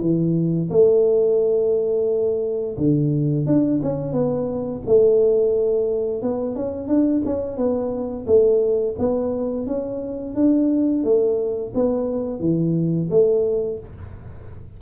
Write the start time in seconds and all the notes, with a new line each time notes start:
0.00 E3
0.70 A3
2.77 D3
3.46 D4
3.82 C#4
4.12 B3
4.86 A3
6.22 B3
6.55 C#4
6.87 D4
7.25 C#4
7.57 B3
8.26 A3
8.98 B3
9.66 C#4
10.35 D4
11.03 A3
11.74 B3
12.39 E3
13.10 A3